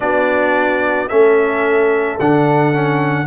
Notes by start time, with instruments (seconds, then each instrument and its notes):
0.00 tuba B3, trombone D4, horn F#4, trumpet D5
1.08 tuba A3, trombone C#4, horn A4, trumpet E5
2.19 tuba D3, trombone D4, trumpet F#5
2.73 trombone C#4